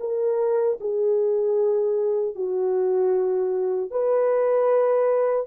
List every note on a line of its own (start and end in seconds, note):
0.00 0.78 A#4
0.80 2.36 G#4
2.36 3.91 F#4
3.91 5.47 B4